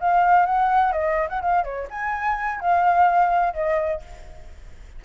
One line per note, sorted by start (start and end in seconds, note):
0.00 0.46 F5
0.46 0.92 F#5
0.92 1.28 D#5
1.29 1.41 F#5
1.41 1.63 F5
1.63 1.87 C#5
1.90 2.60 G#5
2.60 3.53 F5
3.53 4.01 D#5